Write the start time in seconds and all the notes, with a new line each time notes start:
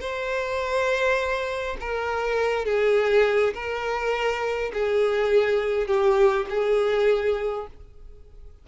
0.00 C5
1.80 A#4
2.65 G#4
3.54 A#4
4.72 G#4
5.87 G4
6.49 G#4